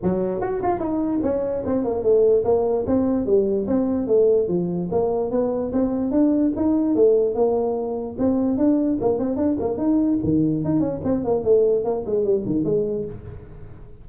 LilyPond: \new Staff \with { instrumentName = "tuba" } { \time 4/4 \tempo 4 = 147 fis4 fis'8 f'8 dis'4 cis'4 | c'8 ais8 a4 ais4 c'4 | g4 c'4 a4 f4 | ais4 b4 c'4 d'4 |
dis'4 a4 ais2 | c'4 d'4 ais8 c'8 d'8 ais8 | dis'4 dis4 dis'8 cis'8 c'8 ais8 | a4 ais8 gis8 g8 dis8 gis4 | }